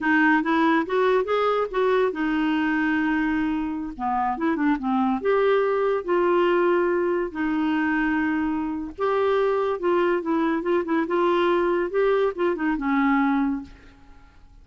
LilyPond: \new Staff \with { instrumentName = "clarinet" } { \time 4/4 \tempo 4 = 141 dis'4 e'4 fis'4 gis'4 | fis'4 dis'2.~ | dis'4~ dis'16 b4 e'8 d'8 c'8.~ | c'16 g'2 f'4.~ f'16~ |
f'4~ f'16 dis'2~ dis'8.~ | dis'4 g'2 f'4 | e'4 f'8 e'8 f'2 | g'4 f'8 dis'8 cis'2 | }